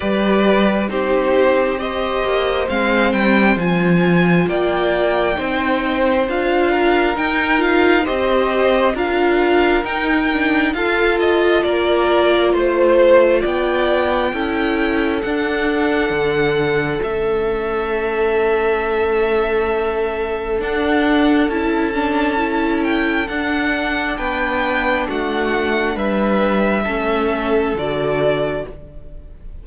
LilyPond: <<
  \new Staff \with { instrumentName = "violin" } { \time 4/4 \tempo 4 = 67 d''4 c''4 dis''4 f''8 g''8 | gis''4 g''2 f''4 | g''8 f''8 dis''4 f''4 g''4 | f''8 dis''8 d''4 c''4 g''4~ |
g''4 fis''2 e''4~ | e''2. fis''4 | a''4. g''8 fis''4 g''4 | fis''4 e''2 d''4 | }
  \new Staff \with { instrumentName = "violin" } { \time 4/4 b'4 g'4 c''2~ | c''4 d''4 c''4. ais'8~ | ais'4 c''4 ais'2 | a'4 ais'4 c''4 d''4 |
a'1~ | a'1~ | a'2. b'4 | fis'4 b'4 a'2 | }
  \new Staff \with { instrumentName = "viola" } { \time 4/4 g'4 dis'4 g'4 c'4 | f'2 dis'4 f'4 | dis'8 f'8 g'4 f'4 dis'8 d'8 | f'1 |
e'4 d'2 cis'4~ | cis'2. d'4 | e'8 d'8 e'4 d'2~ | d'2 cis'4 fis'4 | }
  \new Staff \with { instrumentName = "cello" } { \time 4/4 g4 c'4. ais8 gis8 g8 | f4 ais4 c'4 d'4 | dis'4 c'4 d'4 dis'4 | f'4 ais4 a4 b4 |
cis'4 d'4 d4 a4~ | a2. d'4 | cis'2 d'4 b4 | a4 g4 a4 d4 | }
>>